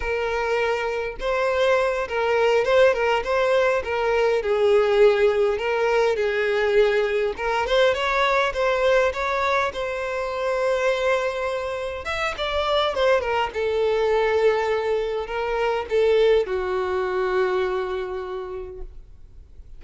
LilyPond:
\new Staff \with { instrumentName = "violin" } { \time 4/4 \tempo 4 = 102 ais'2 c''4. ais'8~ | ais'8 c''8 ais'8 c''4 ais'4 gis'8~ | gis'4. ais'4 gis'4.~ | gis'8 ais'8 c''8 cis''4 c''4 cis''8~ |
cis''8 c''2.~ c''8~ | c''8 e''8 d''4 c''8 ais'8 a'4~ | a'2 ais'4 a'4 | fis'1 | }